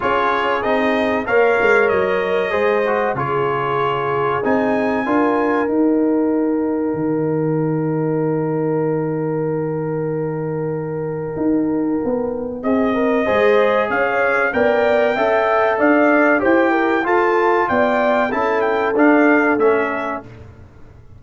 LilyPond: <<
  \new Staff \with { instrumentName = "trumpet" } { \time 4/4 \tempo 4 = 95 cis''4 dis''4 f''4 dis''4~ | dis''4 cis''2 gis''4~ | gis''4 g''2.~ | g''1~ |
g''1 | dis''2 f''4 g''4~ | g''4 f''4 g''4 a''4 | g''4 a''8 g''8 f''4 e''4 | }
  \new Staff \with { instrumentName = "horn" } { \time 4/4 gis'2 cis''2 | c''4 gis'2. | ais'1~ | ais'1~ |
ais'1 | gis'8 ais'8 c''4 cis''4 d''4 | e''4 d''4 c''8 ais'8 a'4 | d''4 a'2. | }
  \new Staff \with { instrumentName = "trombone" } { \time 4/4 f'4 dis'4 ais'2 | gis'8 fis'8 f'2 dis'4 | f'4 dis'2.~ | dis'1~ |
dis'1~ | dis'4 gis'2 ais'4 | a'2 g'4 f'4~ | f'4 e'4 d'4 cis'4 | }
  \new Staff \with { instrumentName = "tuba" } { \time 4/4 cis'4 c'4 ais8 gis8 fis4 | gis4 cis2 c'4 | d'4 dis'2 dis4~ | dis1~ |
dis2 dis'4 b4 | c'4 gis4 cis'4 b4 | cis'4 d'4 e'4 f'4 | b4 cis'4 d'4 a4 | }
>>